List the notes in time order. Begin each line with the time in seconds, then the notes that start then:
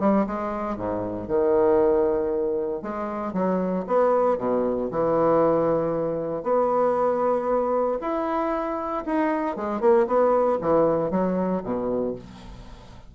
0.00 G3
0.27 G#3
0.77 G#2
1.28 D#3
2.83 G#3
3.33 F#3
3.87 B3
4.38 B2
4.91 E3
6.43 B3
8.01 E4
9.06 D#4
9.57 G#3
9.81 A#3
10.07 B3
10.61 E3
11.11 F#3
11.64 B2